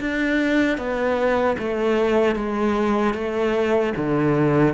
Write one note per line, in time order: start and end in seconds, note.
0.00 0.77 D4
0.77 1.56 B3
1.58 2.35 A3
2.35 3.14 G#3
3.14 3.93 A3
3.96 4.74 D3